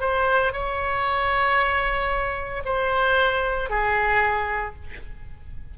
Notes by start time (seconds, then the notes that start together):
0.00 C5
0.52 C#5
2.65 C5
3.69 G#4